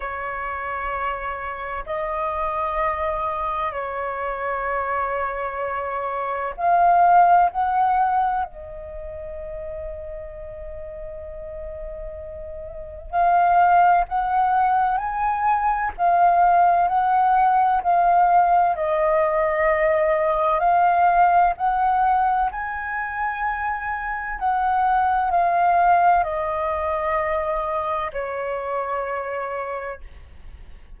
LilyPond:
\new Staff \with { instrumentName = "flute" } { \time 4/4 \tempo 4 = 64 cis''2 dis''2 | cis''2. f''4 | fis''4 dis''2.~ | dis''2 f''4 fis''4 |
gis''4 f''4 fis''4 f''4 | dis''2 f''4 fis''4 | gis''2 fis''4 f''4 | dis''2 cis''2 | }